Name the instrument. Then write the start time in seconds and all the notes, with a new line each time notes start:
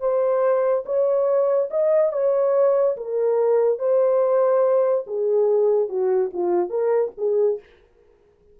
horn
0.00 C5
0.86 C#5
1.71 D#5
2.13 C#5
2.97 A#4
3.79 C5
5.07 G#4
5.89 F#4
6.33 F4
6.70 A#4
7.18 G#4